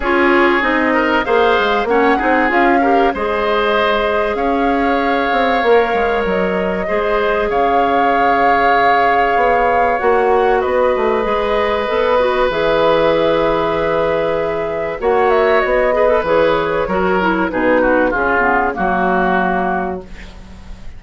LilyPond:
<<
  \new Staff \with { instrumentName = "flute" } { \time 4/4 \tempo 4 = 96 cis''4 dis''4 f''4 fis''4 | f''4 dis''2 f''4~ | f''2 dis''2 | f''1 |
fis''4 dis''2. | e''1 | fis''8 e''8 dis''4 cis''2 | b'4 gis'4 fis'2 | }
  \new Staff \with { instrumentName = "oboe" } { \time 4/4 gis'4. ais'8 c''4 cis''8 gis'8~ | gis'8 ais'8 c''2 cis''4~ | cis''2. c''4 | cis''1~ |
cis''4 b'2.~ | b'1 | cis''4. b'4. ais'4 | gis'8 fis'8 f'4 fis'2 | }
  \new Staff \with { instrumentName = "clarinet" } { \time 4/4 f'4 dis'4 gis'4 cis'8 dis'8 | f'8 g'8 gis'2.~ | gis'4 ais'2 gis'4~ | gis'1 |
fis'2 gis'4 a'8 fis'8 | gis'1 | fis'4. gis'16 a'16 gis'4 fis'8 e'8 | dis'4 cis'8 b8 ais2 | }
  \new Staff \with { instrumentName = "bassoon" } { \time 4/4 cis'4 c'4 ais8 gis8 ais8 c'8 | cis'4 gis2 cis'4~ | cis'8 c'8 ais8 gis8 fis4 gis4 | cis2. b4 |
ais4 b8 a8 gis4 b4 | e1 | ais4 b4 e4 fis4 | b,4 cis4 fis2 | }
>>